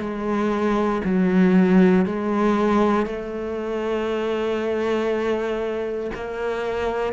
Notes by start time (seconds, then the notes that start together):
0.00 G#3
1.04 F#3
2.06 G#3
3.06 A3
6.15 A#3